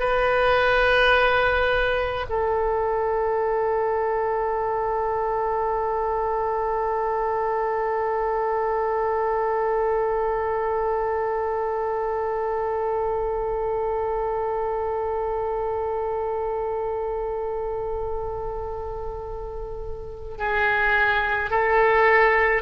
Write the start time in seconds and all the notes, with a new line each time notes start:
0.00 B4
2.30 A4
20.38 G#4
21.51 A4